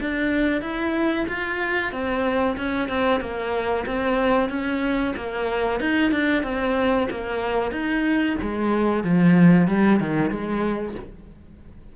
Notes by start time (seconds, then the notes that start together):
0.00 D4
0.61 E4
1.28 F4
1.92 C4
2.57 C#4
2.88 C4
3.21 A#3
3.86 C4
4.49 C#4
5.16 A#3
5.80 D#4
6.11 D4
6.43 C4
7.10 A#3
7.71 D#4
8.41 G#3
9.04 F3
9.67 G3
10.00 D#3
10.30 G#3